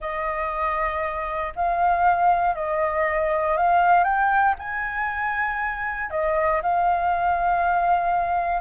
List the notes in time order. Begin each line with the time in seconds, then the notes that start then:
0.00 D#5
1.55 F5
2.55 D#5
3.57 F5
4.04 G5
4.59 G#5
6.10 D#5
6.62 F5